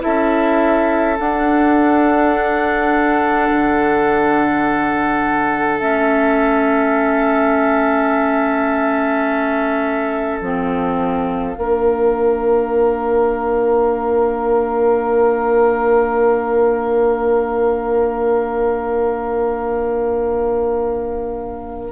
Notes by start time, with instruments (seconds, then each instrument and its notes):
0.00 bassoon C#4, clarinet E4, oboe A4, flute E5
1.19 bassoon D4, clarinet D4, flute F#5
3.50 bassoon D3
5.79 bassoon A3, clarinet C#4, flute E5
10.39 bassoon F3, clarinet C4, flute F5
11.55 bassoon A#3, clarinet D4, oboe A#4